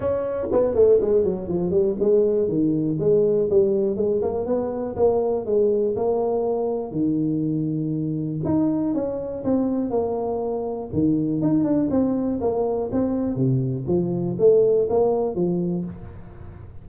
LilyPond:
\new Staff \with { instrumentName = "tuba" } { \time 4/4 \tempo 4 = 121 cis'4 b8 a8 gis8 fis8 f8 g8 | gis4 dis4 gis4 g4 | gis8 ais8 b4 ais4 gis4 | ais2 dis2~ |
dis4 dis'4 cis'4 c'4 | ais2 dis4 dis'8 d'8 | c'4 ais4 c'4 c4 | f4 a4 ais4 f4 | }